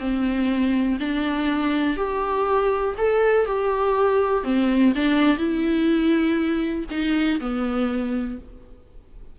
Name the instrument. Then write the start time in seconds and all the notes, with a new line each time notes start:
viola
0.00 C4
1.00 D4
1.97 G4
2.98 A4
3.46 G4
4.44 C4
4.96 D4
5.38 E4
6.91 D#4
7.41 B3